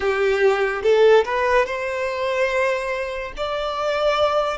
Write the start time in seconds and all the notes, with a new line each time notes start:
0.00 G4
0.83 A4
1.25 B4
1.66 C5
3.36 D5